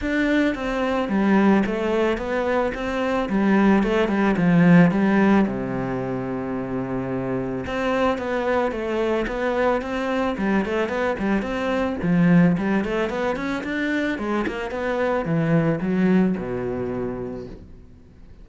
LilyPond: \new Staff \with { instrumentName = "cello" } { \time 4/4 \tempo 4 = 110 d'4 c'4 g4 a4 | b4 c'4 g4 a8 g8 | f4 g4 c2~ | c2 c'4 b4 |
a4 b4 c'4 g8 a8 | b8 g8 c'4 f4 g8 a8 | b8 cis'8 d'4 gis8 ais8 b4 | e4 fis4 b,2 | }